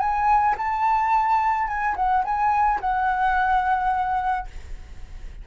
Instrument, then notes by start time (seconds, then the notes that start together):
flute
0.00 G#5
0.58 A5
1.68 G#5
1.96 F#5
2.25 G#5
2.81 F#5